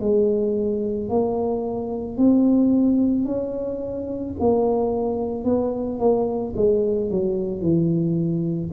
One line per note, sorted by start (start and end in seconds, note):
0.00 1.09 G#3
1.09 2.17 A#3
2.17 3.25 C4
3.25 4.34 C#4
4.39 5.44 A#3
5.44 5.99 B3
5.99 6.54 A#3
6.56 7.11 G#3
7.11 7.61 F#3
7.61 8.70 E3